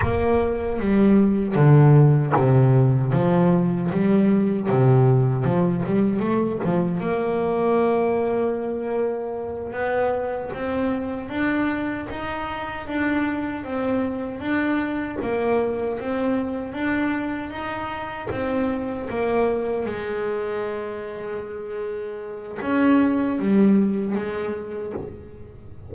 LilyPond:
\new Staff \with { instrumentName = "double bass" } { \time 4/4 \tempo 4 = 77 ais4 g4 d4 c4 | f4 g4 c4 f8 g8 | a8 f8 ais2.~ | ais8 b4 c'4 d'4 dis'8~ |
dis'8 d'4 c'4 d'4 ais8~ | ais8 c'4 d'4 dis'4 c'8~ | c'8 ais4 gis2~ gis8~ | gis4 cis'4 g4 gis4 | }